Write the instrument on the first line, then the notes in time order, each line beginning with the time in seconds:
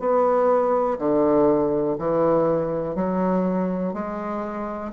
bassoon
0.00 B3
0.99 D3
1.99 E3
2.96 F#3
3.94 G#3